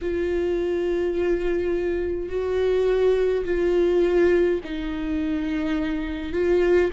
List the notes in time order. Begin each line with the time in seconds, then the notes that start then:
0.01 F4
2.29 F#4
3.45 F4
4.64 D#4
6.33 F4